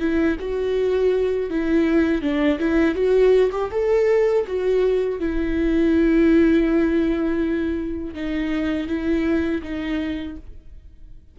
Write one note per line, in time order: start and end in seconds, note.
0.00 0.37 E4
0.40 1.50 F#4
1.50 2.22 E4
2.22 2.59 D4
2.59 2.95 E4
2.95 3.51 F#4
3.52 3.70 G4
3.71 4.45 A4
4.47 5.20 F#4
5.20 8.14 E4
8.14 8.88 D#4
8.88 9.62 E4
9.63 10.37 D#4